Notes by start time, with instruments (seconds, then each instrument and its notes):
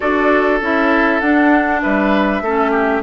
0.00 bassoon D4, clarinet F#4, oboe A4, flute D5
0.61 bassoon C#4, clarinet E4, flute E5
1.20 bassoon D4, clarinet D4, flute F#5
1.82 bassoon G3, oboe B4, flute E5
2.41 bassoon A3, clarinet C#4, oboe A4
2.70 oboe G4